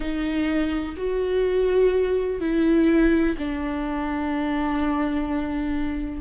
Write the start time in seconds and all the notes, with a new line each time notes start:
0.00 D#4
0.96 F#4
2.40 E4
3.38 D4